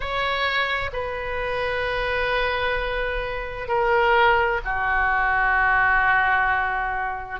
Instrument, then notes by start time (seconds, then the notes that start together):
oboe
0.00 C#5
0.92 B4
3.68 A#4
4.64 F#4